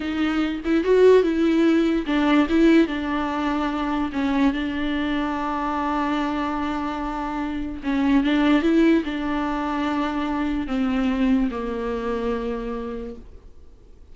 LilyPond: \new Staff \with { instrumentName = "viola" } { \time 4/4 \tempo 4 = 146 dis'4. e'8 fis'4 e'4~ | e'4 d'4 e'4 d'4~ | d'2 cis'4 d'4~ | d'1~ |
d'2. cis'4 | d'4 e'4 d'2~ | d'2 c'2 | ais1 | }